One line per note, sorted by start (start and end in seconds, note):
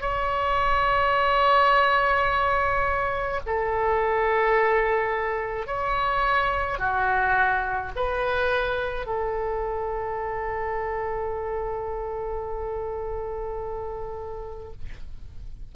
0.00 3.40 C#5
3.46 5.67 A4
5.67 6.78 C#5
6.78 7.91 F#4
7.96 9.06 B4
9.06 14.72 A4